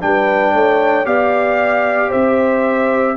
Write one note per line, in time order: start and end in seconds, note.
0.00 0.53 G3
0.00 1.05 D4
0.00 0.53 B4
0.00 1.06 G5
0.53 1.05 A3
0.53 1.06 C#5
1.05 2.11 B3
1.05 3.16 G4
1.05 2.09 D5
1.05 2.11 F5
2.09 3.16 C4
2.09 3.14 C5
2.09 3.16 E5